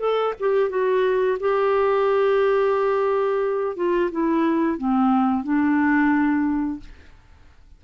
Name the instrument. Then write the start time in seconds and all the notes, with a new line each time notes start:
clarinet
0.00 A4
0.40 G4
0.70 F#4
1.40 G4
3.77 F4
4.12 E4
4.79 C4
5.44 D4